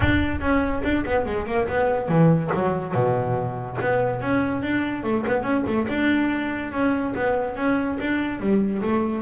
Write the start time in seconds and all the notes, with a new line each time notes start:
0.00 D4
0.40 C#4
0.83 D4
1.05 B3
1.25 G#3
1.46 A#3
1.68 B3
2.08 E3
2.54 F#3
2.94 B2
3.81 B3
4.21 C#4
4.62 D4
5.03 A3
5.26 B3
5.42 C#4
5.66 A3
5.88 D4
6.72 C#4
7.15 B3
7.55 C#4
7.99 D4
8.40 G3
8.82 A3